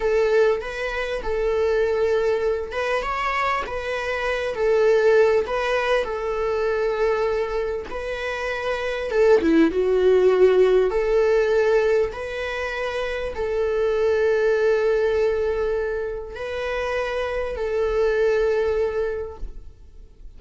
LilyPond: \new Staff \with { instrumentName = "viola" } { \time 4/4 \tempo 4 = 99 a'4 b'4 a'2~ | a'8 b'8 cis''4 b'4. a'8~ | a'4 b'4 a'2~ | a'4 b'2 a'8 e'8 |
fis'2 a'2 | b'2 a'2~ | a'2. b'4~ | b'4 a'2. | }